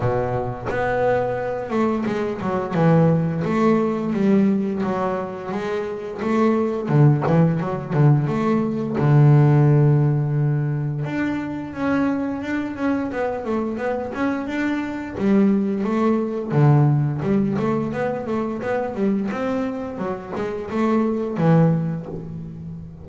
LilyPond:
\new Staff \with { instrumentName = "double bass" } { \time 4/4 \tempo 4 = 87 b,4 b4. a8 gis8 fis8 | e4 a4 g4 fis4 | gis4 a4 d8 e8 fis8 d8 | a4 d2. |
d'4 cis'4 d'8 cis'8 b8 a8 | b8 cis'8 d'4 g4 a4 | d4 g8 a8 b8 a8 b8 g8 | c'4 fis8 gis8 a4 e4 | }